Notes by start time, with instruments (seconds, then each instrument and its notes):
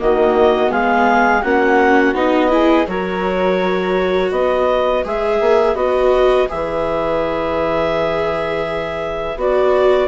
0.00 bassoon D#3, viola A#3, flute F#4, clarinet D#5
0.67 bassoon G#3, viola B3, flute G#4, clarinet F5
1.42 bassoon A#3, viola C#4, flute F#4, clarinet F#5
2.14 bassoon B3, viola D#4, clarinet D#5
2.50 viola E4, flute G#4
2.88 bassoon F#3, viola F#4, flute A#4, clarinet C#5
4.31 bassoon B3, flute B4, clarinet D#5
5.05 bassoon G#3, viola G#4, clarinet E5
5.41 bassoon A#3
5.75 bassoon B3, viola F#4, clarinet D#5
6.49 bassoon E3, viola G#4, clarinet E5
9.37 bassoon B3, viola F#4, clarinet D5